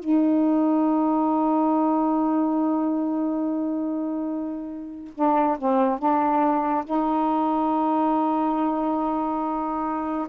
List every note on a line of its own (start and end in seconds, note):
0.00 5.14 D#4
5.15 5.58 D4
5.59 5.99 C4
5.99 6.85 D4
6.85 10.28 D#4